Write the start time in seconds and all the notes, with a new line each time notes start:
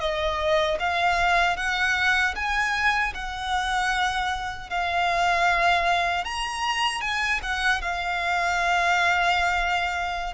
0.00 D#5
0.79 F5
1.57 F#5
2.35 G#5
3.15 F#5
4.70 F5
6.24 A#5
7.01 G#5
7.43 F#5
7.82 F5